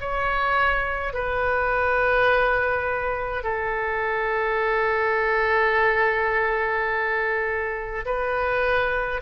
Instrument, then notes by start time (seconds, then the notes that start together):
oboe
0.00 C#5
1.13 B4
3.44 A4
8.06 B4